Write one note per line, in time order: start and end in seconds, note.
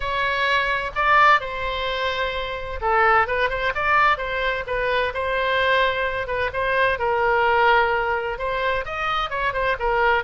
0.00 0.91 C#5
0.95 1.40 D5
1.40 2.80 C5
2.81 3.27 A4
3.27 3.49 B4
3.49 3.73 C5
3.74 4.17 D5
4.17 4.64 C5
4.66 5.13 B4
5.14 6.27 C5
6.27 6.50 B4
6.53 6.99 C5
6.99 8.38 A#4
8.38 8.85 C5
8.85 9.30 D#5
9.30 9.53 C#5
9.53 9.76 C5
9.79 10.23 A#4